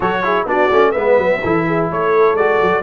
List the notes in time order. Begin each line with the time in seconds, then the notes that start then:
0.00 F#3 F#4 A4 C#5
0.23 E4 G#4
0.45 B3 D4 F#4 D5
0.71 A3 C#4
0.91 G#3 B3 B4 E5
1.17 F#3
1.43 E3 E4 A4
1.66 G#4
1.90 A3 A4 C#5
2.33 G#3 F#4 D5
2.61 F#3